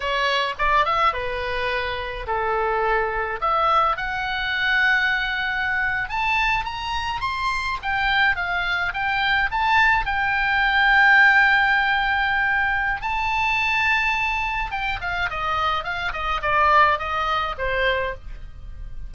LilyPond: \new Staff \with { instrumentName = "oboe" } { \time 4/4 \tempo 4 = 106 cis''4 d''8 e''8 b'2 | a'2 e''4 fis''4~ | fis''2~ fis''8. a''4 ais''16~ | ais''8. c'''4 g''4 f''4 g''16~ |
g''8. a''4 g''2~ g''16~ | g''2. a''4~ | a''2 g''8 f''8 dis''4 | f''8 dis''8 d''4 dis''4 c''4 | }